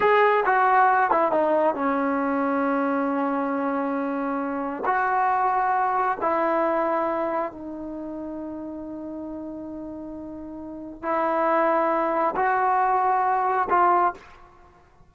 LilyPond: \new Staff \with { instrumentName = "trombone" } { \time 4/4 \tempo 4 = 136 gis'4 fis'4. e'8 dis'4 | cis'1~ | cis'2. fis'4~ | fis'2 e'2~ |
e'4 dis'2.~ | dis'1~ | dis'4 e'2. | fis'2. f'4 | }